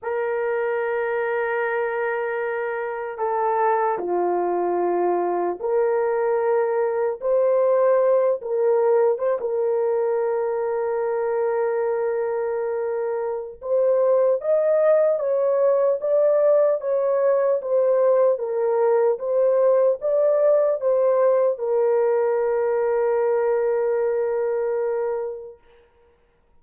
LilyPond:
\new Staff \with { instrumentName = "horn" } { \time 4/4 \tempo 4 = 75 ais'1 | a'4 f'2 ais'4~ | ais'4 c''4. ais'4 c''16 ais'16~ | ais'1~ |
ais'4 c''4 dis''4 cis''4 | d''4 cis''4 c''4 ais'4 | c''4 d''4 c''4 ais'4~ | ais'1 | }